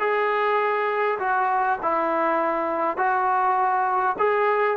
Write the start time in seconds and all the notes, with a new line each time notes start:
0.00 G#4
1.20 F#4
1.83 E4
2.98 F#4
4.19 G#4